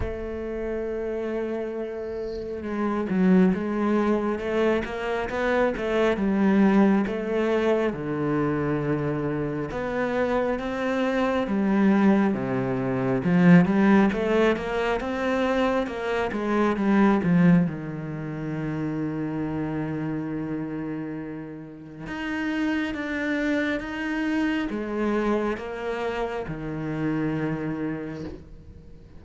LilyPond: \new Staff \with { instrumentName = "cello" } { \time 4/4 \tempo 4 = 68 a2. gis8 fis8 | gis4 a8 ais8 b8 a8 g4 | a4 d2 b4 | c'4 g4 c4 f8 g8 |
a8 ais8 c'4 ais8 gis8 g8 f8 | dis1~ | dis4 dis'4 d'4 dis'4 | gis4 ais4 dis2 | }